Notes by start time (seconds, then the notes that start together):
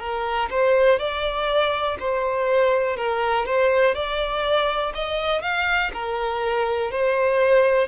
0.00 A#4
0.51 C5
0.99 D5
2.00 C5
2.97 A#4
3.46 C5
3.95 D5
4.95 D#5
5.42 F5
5.94 A#4
6.91 C5